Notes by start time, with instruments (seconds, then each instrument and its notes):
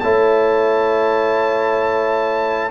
0.00 tuba A3, trombone E4, horn C#5, trumpet A5